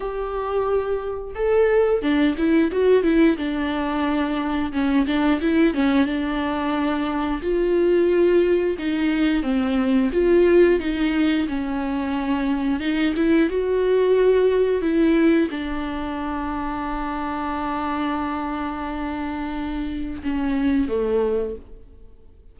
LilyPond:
\new Staff \with { instrumentName = "viola" } { \time 4/4 \tempo 4 = 89 g'2 a'4 d'8 e'8 | fis'8 e'8 d'2 cis'8 d'8 | e'8 cis'8 d'2 f'4~ | f'4 dis'4 c'4 f'4 |
dis'4 cis'2 dis'8 e'8 | fis'2 e'4 d'4~ | d'1~ | d'2 cis'4 a4 | }